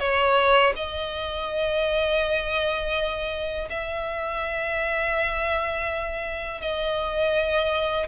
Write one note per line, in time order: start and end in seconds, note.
0.00 0.73 C#5
0.76 3.69 D#5
3.70 6.61 E5
6.61 8.08 D#5